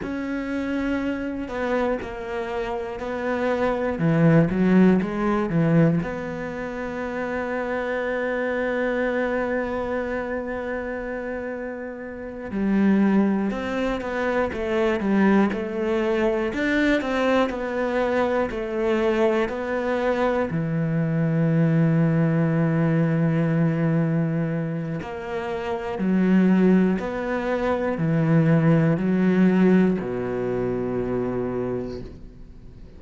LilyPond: \new Staff \with { instrumentName = "cello" } { \time 4/4 \tempo 4 = 60 cis'4. b8 ais4 b4 | e8 fis8 gis8 e8 b2~ | b1~ | b8 g4 c'8 b8 a8 g8 a8~ |
a8 d'8 c'8 b4 a4 b8~ | b8 e2.~ e8~ | e4 ais4 fis4 b4 | e4 fis4 b,2 | }